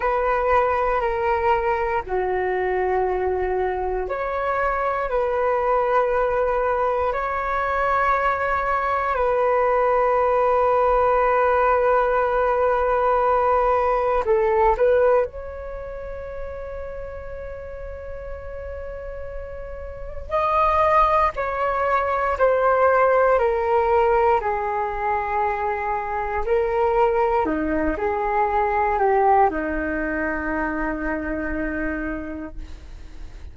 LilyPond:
\new Staff \with { instrumentName = "flute" } { \time 4/4 \tempo 4 = 59 b'4 ais'4 fis'2 | cis''4 b'2 cis''4~ | cis''4 b'2.~ | b'2 a'8 b'8 cis''4~ |
cis''1 | dis''4 cis''4 c''4 ais'4 | gis'2 ais'4 dis'8 gis'8~ | gis'8 g'8 dis'2. | }